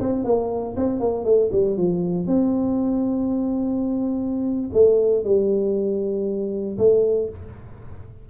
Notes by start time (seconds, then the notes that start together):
0.00 C4
0.24 A#3
0.76 C4
1.00 A#3
1.25 A3
1.52 G3
1.77 F3
2.27 C4
4.73 A3
5.24 G3
6.78 A3